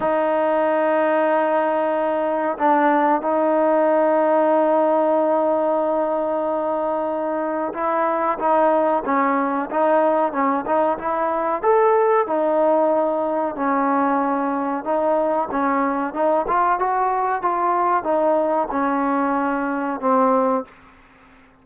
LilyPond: \new Staff \with { instrumentName = "trombone" } { \time 4/4 \tempo 4 = 93 dis'1 | d'4 dis'2.~ | dis'1 | e'4 dis'4 cis'4 dis'4 |
cis'8 dis'8 e'4 a'4 dis'4~ | dis'4 cis'2 dis'4 | cis'4 dis'8 f'8 fis'4 f'4 | dis'4 cis'2 c'4 | }